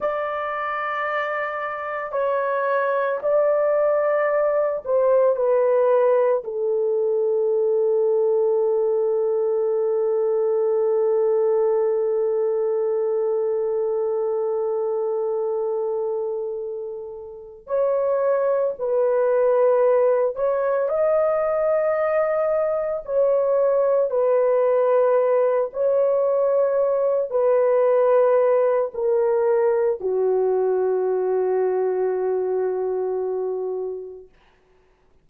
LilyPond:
\new Staff \with { instrumentName = "horn" } { \time 4/4 \tempo 4 = 56 d''2 cis''4 d''4~ | d''8 c''8 b'4 a'2~ | a'1~ | a'1~ |
a'8 cis''4 b'4. cis''8 dis''8~ | dis''4. cis''4 b'4. | cis''4. b'4. ais'4 | fis'1 | }